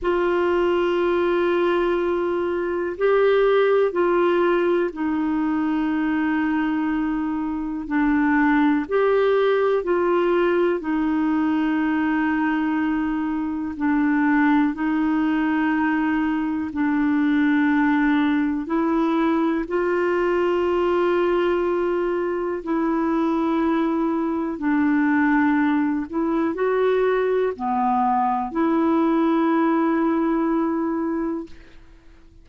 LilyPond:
\new Staff \with { instrumentName = "clarinet" } { \time 4/4 \tempo 4 = 61 f'2. g'4 | f'4 dis'2. | d'4 g'4 f'4 dis'4~ | dis'2 d'4 dis'4~ |
dis'4 d'2 e'4 | f'2. e'4~ | e'4 d'4. e'8 fis'4 | b4 e'2. | }